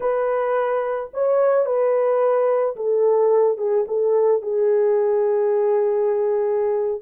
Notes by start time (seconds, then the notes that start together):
0.00 B4
1.13 C#5
1.65 B4
2.75 A4
3.57 G#4
3.87 A4
4.42 G#4